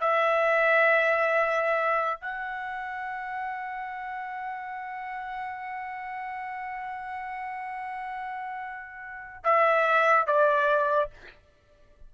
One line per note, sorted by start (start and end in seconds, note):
0.00 2.21 E5
2.21 9.43 F#5
9.44 10.27 E5
10.27 11.10 D5